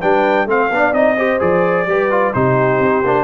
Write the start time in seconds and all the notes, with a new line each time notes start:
0.00 G3 D4 B4 G5
0.45 A3 C4 C5 F5
0.71 B3 D4 D5
0.92 C4 D#4 D#5
1.16 G4 C5
1.39 F3 G#4 D5
1.86 G3 G4 B4
2.10 F4
2.33 C3 D#4 G4 C5
2.79 C4
3.04 A#3 D4